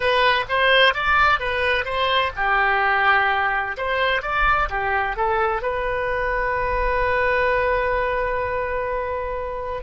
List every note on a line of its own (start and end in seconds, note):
0.00 0.45 B4
0.49 0.94 C5
0.94 1.39 D5
1.39 1.85 B4
1.85 2.31 C5
2.36 3.76 G4
3.77 4.21 C5
4.21 4.68 D5
4.69 5.16 G4
5.16 5.62 A4
5.62 9.82 B4